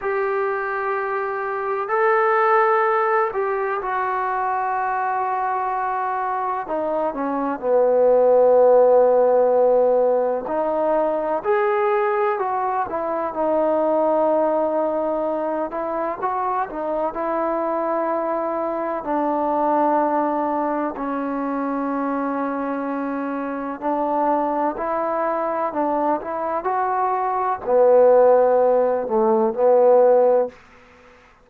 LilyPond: \new Staff \with { instrumentName = "trombone" } { \time 4/4 \tempo 4 = 63 g'2 a'4. g'8 | fis'2. dis'8 cis'8 | b2. dis'4 | gis'4 fis'8 e'8 dis'2~ |
dis'8 e'8 fis'8 dis'8 e'2 | d'2 cis'2~ | cis'4 d'4 e'4 d'8 e'8 | fis'4 b4. a8 b4 | }